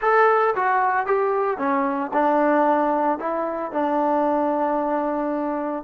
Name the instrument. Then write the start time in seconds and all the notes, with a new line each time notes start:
trombone
0.01 A4
0.55 F#4
1.06 G4
1.58 C#4
2.13 D4
3.19 E4
3.72 D4